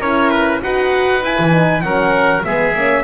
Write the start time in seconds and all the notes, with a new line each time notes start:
0.00 C#4 E4 A#4 C#5
0.31 B4
0.62 D#4 F#4 B4 F#5
1.23 E4 G#5
1.39 E3
1.52 D#4
1.82 F#3 C#4 A#4 F#5
2.44 G#3 B3 G#4 E5
2.74 A#3 C#4